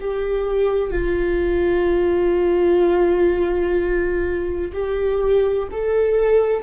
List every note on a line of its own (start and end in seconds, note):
0.00 0.90 G4
0.90 4.71 F4
4.73 5.68 G4
5.71 6.63 A4